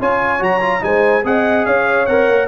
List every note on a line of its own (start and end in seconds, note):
0.00 0.41 C#4
0.00 0.39 F4
0.00 0.83 C#5
0.00 0.43 G#5
0.39 0.82 F#3
0.39 0.60 F#4
0.39 0.84 A#5
0.61 0.81 F4
0.81 1.24 G#3
0.81 1.23 D#4
0.81 1.26 C5
0.81 1.25 G#5
1.24 1.66 C4
1.24 2.07 G#4
1.24 1.67 D#5
1.24 1.66 F#5
1.66 2.08 C#4
1.66 2.48 C#5
1.66 2.06 F5
2.06 2.29 C4
2.06 2.48 A#4
2.06 2.48 F#5
2.29 2.48 A#3